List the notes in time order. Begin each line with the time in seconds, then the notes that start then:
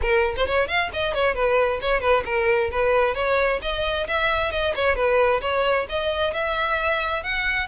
0.01 A#4
0.36 C5
0.46 C#5
0.67 F5
0.93 D#5
1.14 C#5
1.34 B4
1.81 C#5
2.01 B4
2.25 A#4
2.71 B4
3.15 C#5
3.62 D#5
4.07 E5
4.51 D#5
4.75 C#5
4.95 B4
5.41 C#5
5.89 D#5
6.33 E5
7.23 F#5